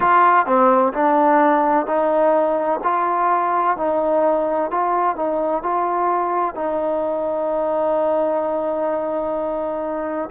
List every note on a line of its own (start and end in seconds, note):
0.00 0.46 F4
0.46 0.92 C4
0.93 1.86 D4
1.86 2.80 D#4
2.83 3.77 F4
3.77 4.70 D#4
4.70 5.16 F4
5.16 5.62 D#4
5.62 6.54 F4
6.54 10.29 D#4